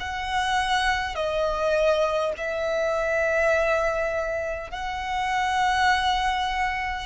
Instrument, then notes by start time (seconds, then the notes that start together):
violin
0.00 F#5
1.16 D#5
2.37 E5
4.71 F#5